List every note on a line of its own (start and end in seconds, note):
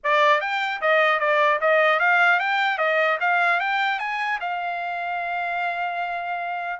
0.03 0.40 D5
0.40 0.80 G5
0.81 1.19 D#5
1.19 1.59 D5
1.60 1.99 D#5
1.99 2.39 F5
2.39 2.77 G5
2.77 3.17 D#5
3.20 3.60 F5
3.60 3.99 G5
3.99 4.39 G#5
4.40 6.80 F5